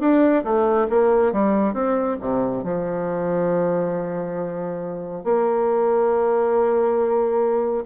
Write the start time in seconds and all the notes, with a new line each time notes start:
0.00 D4
0.43 A3
0.89 A#3
1.32 G3
1.74 C4
2.20 C3
2.64 F3
5.24 A#3